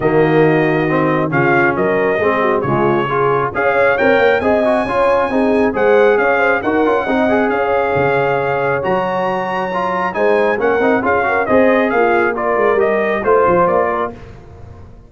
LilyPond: <<
  \new Staff \with { instrumentName = "trumpet" } { \time 4/4 \tempo 4 = 136 dis''2. f''4 | dis''2 cis''2 | f''4 g''4 gis''2~ | gis''4 fis''4 f''4 fis''4~ |
fis''4 f''2. | ais''2. gis''4 | fis''4 f''4 dis''4 f''4 | d''4 dis''4 c''4 d''4 | }
  \new Staff \with { instrumentName = "horn" } { \time 4/4 fis'2. f'4 | ais'4 gis'8 fis'8 f'4 gis'4 | cis''2 dis''4 cis''4 | gis'4 c''4 cis''8 c''8 ais'4 |
dis''4 cis''2.~ | cis''2. c''4 | ais'4 gis'8 ais'8 c''4 f'4 | ais'2 c''4. ais'8 | }
  \new Staff \with { instrumentName = "trombone" } { \time 4/4 ais2 c'4 cis'4~ | cis'4 c'4 gis4 f'4 | gis'4 ais'4 gis'8 fis'8 f'4 | dis'4 gis'2 fis'8 f'8 |
dis'8 gis'2.~ gis'8 | fis'2 f'4 dis'4 | cis'8 dis'8 f'8 fis'8 gis'2 | f'4 g'4 f'2 | }
  \new Staff \with { instrumentName = "tuba" } { \time 4/4 dis2. cis4 | fis4 gis4 cis2 | cis'4 c'8 ais8 c'4 cis'4 | c'4 gis4 cis'4 dis'8 cis'8 |
c'4 cis'4 cis2 | fis2. gis4 | ais8 c'8 cis'4 c'4 ais4~ | ais8 gis8 g4 a8 f8 ais4 | }
>>